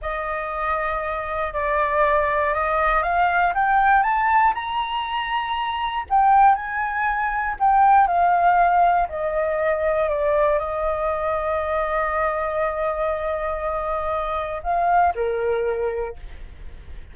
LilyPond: \new Staff \with { instrumentName = "flute" } { \time 4/4 \tempo 4 = 119 dis''2. d''4~ | d''4 dis''4 f''4 g''4 | a''4 ais''2. | g''4 gis''2 g''4 |
f''2 dis''2 | d''4 dis''2.~ | dis''1~ | dis''4 f''4 ais'2 | }